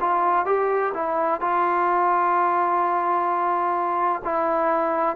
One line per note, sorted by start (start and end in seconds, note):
0.00 0.46 F4
0.46 0.92 G4
0.94 1.41 E4
1.41 4.22 F4
4.24 5.16 E4